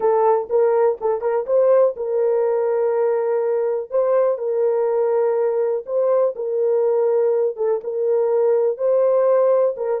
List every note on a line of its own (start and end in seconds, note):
0.00 0.48 A4
0.49 0.98 A#4
1.00 1.21 A4
1.21 1.45 A#4
1.46 1.95 C5
1.96 3.90 A#4
3.90 4.38 C5
4.38 5.84 A#4
5.86 6.34 C5
6.35 7.56 A#4
7.56 7.80 A4
7.83 8.77 A#4
8.77 9.75 C5
9.76 10.00 A#4